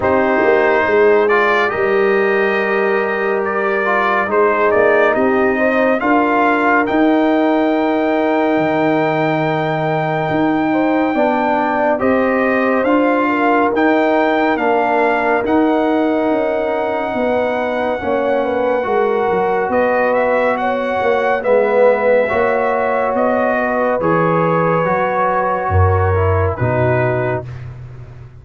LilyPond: <<
  \new Staff \with { instrumentName = "trumpet" } { \time 4/4 \tempo 4 = 70 c''4. d''8 dis''2 | d''4 c''8 d''8 dis''4 f''4 | g''1~ | g''2 dis''4 f''4 |
g''4 f''4 fis''2~ | fis''2. dis''8 e''8 | fis''4 e''2 dis''4 | cis''2. b'4 | }
  \new Staff \with { instrumentName = "horn" } { \time 4/4 g'4 gis'4 ais'2~ | ais'4 gis'4 g'8 c''8 ais'4~ | ais'1~ | ais'8 c''8 d''4 c''4. ais'8~ |
ais'1 | b'4 cis''8 b'8 ais'4 b'4 | cis''4 b'4 cis''4. b'8~ | b'2 ais'4 fis'4 | }
  \new Staff \with { instrumentName = "trombone" } { \time 4/4 dis'4. f'8 g'2~ | g'8 f'8 dis'2 f'4 | dis'1~ | dis'4 d'4 g'4 f'4 |
dis'4 d'4 dis'2~ | dis'4 cis'4 fis'2~ | fis'4 b4 fis'2 | gis'4 fis'4. e'8 dis'4 | }
  \new Staff \with { instrumentName = "tuba" } { \time 4/4 c'8 ais8 gis4 g2~ | g4 gis8 ais8 c'4 d'4 | dis'2 dis2 | dis'4 b4 c'4 d'4 |
dis'4 ais4 dis'4 cis'4 | b4 ais4 gis8 fis8 b4~ | b8 ais8 gis4 ais4 b4 | e4 fis4 fis,4 b,4 | }
>>